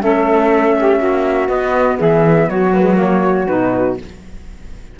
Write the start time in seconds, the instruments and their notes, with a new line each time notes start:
0.00 cello A3, saxophone C#4 A4, flute E5
0.79 saxophone G4
1.00 cello A#3, saxophone F#4
1.48 saxophone B3, cello B3, flute D#5
1.98 cello E3, saxophone G#4, flute E5
2.49 cello F#3, saxophone F#4, flute C#5
2.73 saxophone A#3, flute B4
2.82 saxophone G#3
2.96 saxophone A#3, flute C#5
3.47 cello B2, saxophone D#4, flute B4